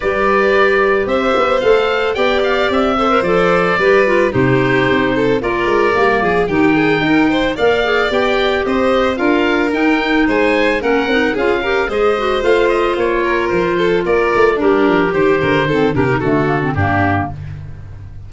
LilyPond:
<<
  \new Staff \with { instrumentName = "oboe" } { \time 4/4 \tempo 4 = 111 d''2 e''4 f''4 | g''8 f''8 e''4 d''2 | c''2 d''2 | g''2 f''4 g''4 |
dis''4 f''4 g''4 gis''4 | fis''4 f''4 dis''4 f''8 dis''8 | cis''4 c''4 d''4 ais'4 | c''4. ais'8 a'4 g'4 | }
  \new Staff \with { instrumentName = "violin" } { \time 4/4 b'2 c''2 | d''4. c''4. b'4 | g'4. a'8 ais'4. gis'8 | g'8 gis'8 ais'8 c''8 d''2 |
c''4 ais'2 c''4 | ais'4 gis'8 ais'8 c''2~ | c''8 ais'4 a'8 ais'4 d'4 | g'8 ais'8 a'8 g'8 fis'4 d'4 | }
  \new Staff \with { instrumentName = "clarinet" } { \time 4/4 g'2. a'4 | g'4. a'16 ais'16 a'4 g'8 f'8 | dis'2 f'4 ais4 | dis'2 ais'8 gis'8 g'4~ |
g'4 f'4 dis'2 | cis'8 dis'8 f'8 g'8 gis'8 fis'8 f'4~ | f'2. g'4~ | g'4 c'8 d'16 dis'16 a8 ais16 c'16 ais4 | }
  \new Staff \with { instrumentName = "tuba" } { \time 4/4 g2 c'8 b8 a4 | b4 c'4 f4 g4 | c4 c'4 ais8 gis8 g8 f8 | dis4 dis'4 ais4 b4 |
c'4 d'4 dis'4 gis4 | ais8 c'8 cis'4 gis4 a4 | ais4 f4 ais8 a8 g8 f8 | dis8 d8 dis8 c8 d4 g,4 | }
>>